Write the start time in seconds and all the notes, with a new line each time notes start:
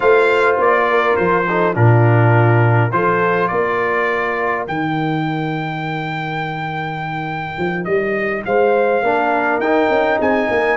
0.00 A3 F4 C5 F5
0.57 A#3 D5
0.89 A#4
1.15 F3 C5
1.48 D#4 A4
1.73 A#2 D4 F4 A#4
2.91 F3 F4 A4 C5
3.47 A#3 A#4 D5
4.67 D#3 D#4 G5
7.58 F3
7.84 G3 D#5
8.45 G#3 C5 F5
9.02 A#3 D4 A#4
9.58 D#4 G5
9.89 C#4
10.18 C4 G#4 G#5
10.50 A#3 A#4